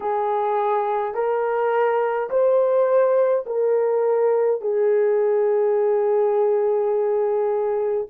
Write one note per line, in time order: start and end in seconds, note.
0.00 1.14 G#4
1.14 2.29 A#4
2.30 3.45 C5
3.46 4.61 A#4
4.61 8.07 G#4